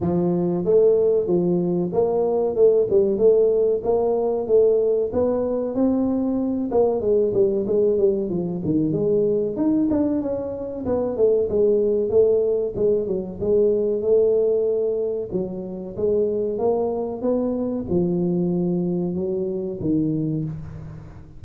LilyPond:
\new Staff \with { instrumentName = "tuba" } { \time 4/4 \tempo 4 = 94 f4 a4 f4 ais4 | a8 g8 a4 ais4 a4 | b4 c'4. ais8 gis8 g8 | gis8 g8 f8 dis8 gis4 dis'8 d'8 |
cis'4 b8 a8 gis4 a4 | gis8 fis8 gis4 a2 | fis4 gis4 ais4 b4 | f2 fis4 dis4 | }